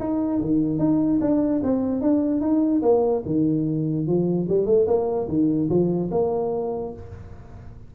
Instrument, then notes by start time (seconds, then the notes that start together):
tuba
0.00 D#4
0.41 D#3
0.79 D#4
1.21 D4
1.63 C4
2.02 D4
2.41 D#4
2.82 A#3
3.26 D#3
4.07 F3
4.49 G3
4.66 A3
4.87 A#3
5.28 D#3
5.69 F3
6.11 A#3